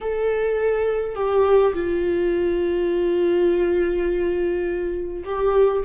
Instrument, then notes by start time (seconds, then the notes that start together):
viola
0.00 A4
1.15 G4
1.74 F4
5.25 G4